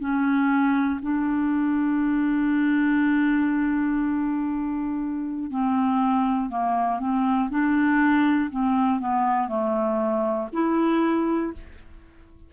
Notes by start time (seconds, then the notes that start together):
0.00 C#4
1.01 D4
5.50 C4
6.50 A#3
6.99 C4
7.50 D4
8.50 C4
8.99 B3
9.48 A3
10.53 E4